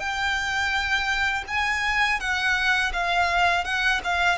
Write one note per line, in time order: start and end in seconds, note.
0.00 1.45 G5
1.48 2.20 G#5
2.20 2.92 F#5
2.93 3.65 F5
3.65 4.01 F#5
4.04 4.39 F5